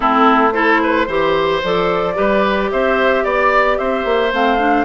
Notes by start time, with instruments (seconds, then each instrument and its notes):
0.00 bassoon A3, clarinet C4, oboe E4, flute A4
0.51 clarinet E4, oboe A4, flute C5
0.83 oboe B4
1.07 bassoon E3, clarinet G4, oboe C5
1.63 bassoon F3, clarinet A4, flute D5
2.14 bassoon G3, clarinet G4, oboe B4
2.71 bassoon C4, oboe C5, flute E5
3.24 bassoon B3, flute D5, oboe D5
3.78 bassoon C4, oboe C5, flute E5
4.04 bassoon A#3
4.31 bassoon A3, clarinet C4, flute F5
4.58 clarinet D4